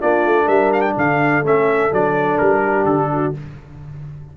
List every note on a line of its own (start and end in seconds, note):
0.00 0.26 A#3
0.00 1.44 D4
0.00 0.45 F4
0.00 0.48 D5
0.26 0.48 A3
0.45 0.95 G3
0.45 0.93 A#4
0.45 0.72 E5
0.73 0.81 F5
0.81 0.93 G5
0.97 1.44 D3
0.97 2.63 A4
0.97 1.46 F5
1.44 1.92 A3
1.44 1.92 C#4
1.44 1.94 E5
1.92 2.40 F#3
1.92 3.35 D4
1.92 2.38 D5
2.38 2.85 G3
2.38 2.85 A#4
2.63 3.10 G4
2.85 3.33 D3
2.85 3.33 A4
3.13 3.37 F#4